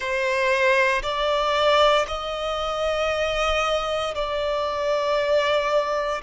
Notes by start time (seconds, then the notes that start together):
0.00 C5
1.02 D5
2.07 D#5
4.14 D5